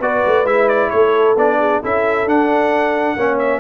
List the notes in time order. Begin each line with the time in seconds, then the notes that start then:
0.00 B3 F#4 B4 D5
0.26 A3
0.44 G#3 E4 E5
0.68 D5
0.90 A3 A4 C#5
1.36 B3 D4 D5
1.59 G#4
1.82 C#4 E4 A4 E5
2.25 D4 F#5
3.16 A#3 C#4 C#5
3.39 E5